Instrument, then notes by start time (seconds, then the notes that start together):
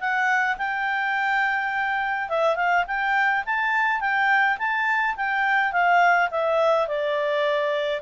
clarinet
0.00 F#5
0.58 G5
2.29 E5
2.56 F5
2.88 G5
3.45 A5
4.01 G5
4.58 A5
5.17 G5
5.72 F5
6.31 E5
6.88 D5